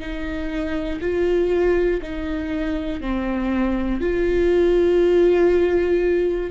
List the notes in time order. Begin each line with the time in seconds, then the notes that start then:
0.00 D#4
1.01 F4
2.02 D#4
3.01 C4
4.00 F4